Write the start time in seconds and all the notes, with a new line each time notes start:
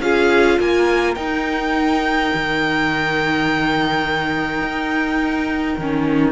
0.00 C#4 F4 G#4 F5
0.59 A#3 A#4 G#5
1.14 D#4 G5
2.34 D#3
4.61 D#4
5.77 D#3 C#4